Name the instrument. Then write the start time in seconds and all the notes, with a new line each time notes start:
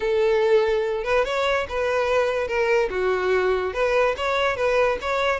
violin
0.00 A4
1.04 B4
1.25 C#5
1.68 B4
2.47 A#4
2.90 F#4
3.73 B4
4.16 C#5
4.56 B4
5.01 C#5